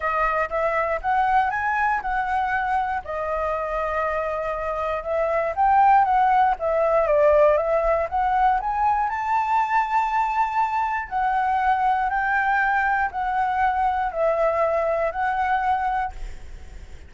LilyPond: \new Staff \with { instrumentName = "flute" } { \time 4/4 \tempo 4 = 119 dis''4 e''4 fis''4 gis''4 | fis''2 dis''2~ | dis''2 e''4 g''4 | fis''4 e''4 d''4 e''4 |
fis''4 gis''4 a''2~ | a''2 fis''2 | g''2 fis''2 | e''2 fis''2 | }